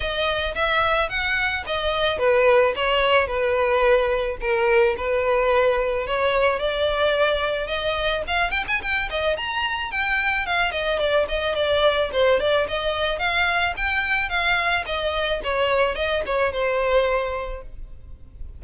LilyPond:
\new Staff \with { instrumentName = "violin" } { \time 4/4 \tempo 4 = 109 dis''4 e''4 fis''4 dis''4 | b'4 cis''4 b'2 | ais'4 b'2 cis''4 | d''2 dis''4 f''8 g''16 gis''16 |
g''8 dis''8 ais''4 g''4 f''8 dis''8 | d''8 dis''8 d''4 c''8 d''8 dis''4 | f''4 g''4 f''4 dis''4 | cis''4 dis''8 cis''8 c''2 | }